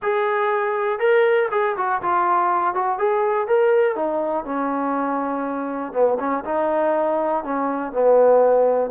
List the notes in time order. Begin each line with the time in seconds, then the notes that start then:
0.02 G#4
0.99 A#4
1.51 G#4
1.76 F#4
2.02 F4
2.74 F#4
2.98 G#4
3.47 A#4
3.95 D#4
4.44 C#4
5.93 B3
6.19 C#4
6.44 D#4
7.44 C#4
7.92 B3